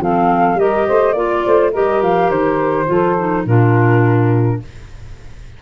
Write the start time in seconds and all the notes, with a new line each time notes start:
0.00 F3 C4 A4 F5
0.54 G3 G4 A#4 D#5
0.87 A3 C5
1.12 A#3 F4 D5
1.45 A3 C5
1.71 G3 G4 A#4 D#5
2.02 F3 F5
2.30 D#3 C5
2.86 F3 F4 A4
3.19 D#4
3.45 A#2 D4 F4 A#4